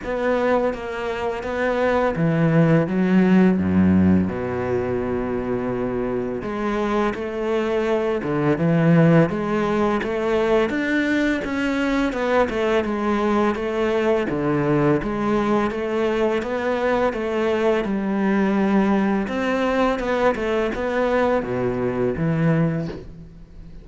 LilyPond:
\new Staff \with { instrumentName = "cello" } { \time 4/4 \tempo 4 = 84 b4 ais4 b4 e4 | fis4 fis,4 b,2~ | b,4 gis4 a4. d8 | e4 gis4 a4 d'4 |
cis'4 b8 a8 gis4 a4 | d4 gis4 a4 b4 | a4 g2 c'4 | b8 a8 b4 b,4 e4 | }